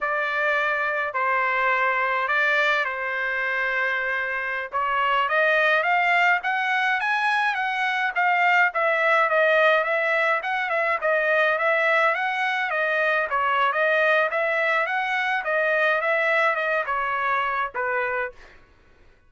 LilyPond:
\new Staff \with { instrumentName = "trumpet" } { \time 4/4 \tempo 4 = 105 d''2 c''2 | d''4 c''2.~ | c''16 cis''4 dis''4 f''4 fis''8.~ | fis''16 gis''4 fis''4 f''4 e''8.~ |
e''16 dis''4 e''4 fis''8 e''8 dis''8.~ | dis''16 e''4 fis''4 dis''4 cis''8. | dis''4 e''4 fis''4 dis''4 | e''4 dis''8 cis''4. b'4 | }